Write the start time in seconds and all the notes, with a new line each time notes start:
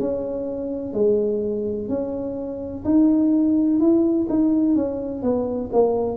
0.00 C#4
0.94 G#3
1.89 C#4
2.85 D#4
3.80 E4
4.30 D#4
4.75 C#4
5.23 B3
5.73 A#3